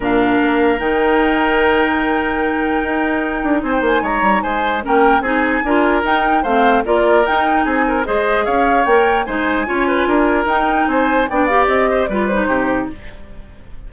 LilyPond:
<<
  \new Staff \with { instrumentName = "flute" } { \time 4/4 \tempo 4 = 149 f''2 g''2~ | g''1~ | g''4 gis''16 g''16 gis''8 ais''4 gis''4 | g''4 gis''2 g''4 |
f''4 d''4 g''4 gis''4 | dis''4 f''4 g''4 gis''4~ | gis''2 g''4 gis''4 | g''8 f''8 dis''4 d''8 c''4. | }
  \new Staff \with { instrumentName = "oboe" } { \time 4/4 ais'1~ | ais'1~ | ais'4 c''4 cis''4 c''4 | ais'4 gis'4 ais'2 |
c''4 ais'2 gis'8 ais'8 | c''4 cis''2 c''4 | cis''8 b'8 ais'2 c''4 | d''4. c''8 b'4 g'4 | }
  \new Staff \with { instrumentName = "clarinet" } { \time 4/4 d'2 dis'2~ | dis'1~ | dis'1 | cis'4 dis'4 f'4 dis'4 |
c'4 f'4 dis'2 | gis'2 ais'4 dis'4 | f'2 dis'2 | d'8 g'4. f'8 dis'4. | }
  \new Staff \with { instrumentName = "bassoon" } { \time 4/4 ais,4 ais4 dis2~ | dis2. dis'4~ | dis'8 d'8 c'8 ais8 gis8 g8 gis4 | ais4 c'4 d'4 dis'4 |
a4 ais4 dis'4 c'4 | gis4 cis'4 ais4 gis4 | cis'4 d'4 dis'4 c'4 | b4 c'4 g4 c4 | }
>>